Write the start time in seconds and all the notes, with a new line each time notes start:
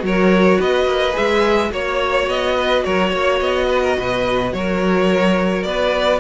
0.00 F#3 F#4 A#4
0.06 C#5
0.58 B3 B4 D#5
0.86 A#3
1.13 G#3 G#4 E5
1.70 A#3 F#4 C#5
2.27 B3 D#5
2.56 B4
2.84 F#3 A#4 C#5
3.10 A#3 C#5
3.40 B3 D#5
3.68 B4
3.83 A#4
3.98 B2 B4
4.53 F#3 A#4 C#5
5.63 B3 B4 D5